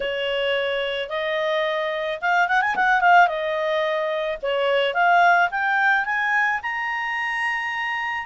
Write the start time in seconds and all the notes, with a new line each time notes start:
0.00 C#5
1.09 D#5
2.21 F5
2.48 F#5
2.61 G#5
2.75 F#5
3.01 F5
3.27 D#5
4.42 C#5
4.94 F5
5.50 G5
6.05 G#5
6.62 A#5